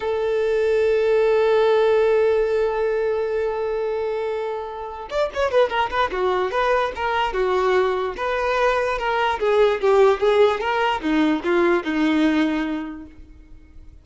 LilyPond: \new Staff \with { instrumentName = "violin" } { \time 4/4 \tempo 4 = 147 a'1~ | a'1~ | a'1~ | a'8 d''8 cis''8 b'8 ais'8 b'8 fis'4 |
b'4 ais'4 fis'2 | b'2 ais'4 gis'4 | g'4 gis'4 ais'4 dis'4 | f'4 dis'2. | }